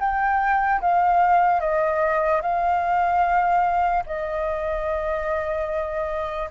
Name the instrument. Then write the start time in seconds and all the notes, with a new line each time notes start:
flute
0.00 G5
0.81 F5
1.61 D#5
2.42 F5
4.07 D#5